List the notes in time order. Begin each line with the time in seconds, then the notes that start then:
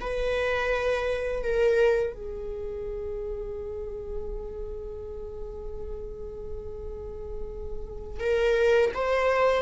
0.00 B4
1.43 A#4
2.13 G#4
8.19 A#4
8.94 C5